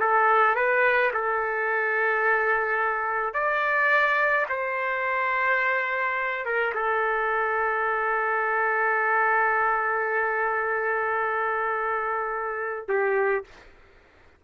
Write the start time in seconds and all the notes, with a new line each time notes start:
0.00 A4
0.56 B4
1.13 A4
3.34 D5
4.49 C5
6.45 A#4
6.74 A4
12.88 G4